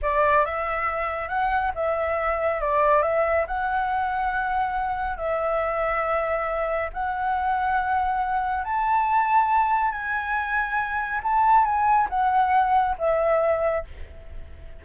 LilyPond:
\new Staff \with { instrumentName = "flute" } { \time 4/4 \tempo 4 = 139 d''4 e''2 fis''4 | e''2 d''4 e''4 | fis''1 | e''1 |
fis''1 | a''2. gis''4~ | gis''2 a''4 gis''4 | fis''2 e''2 | }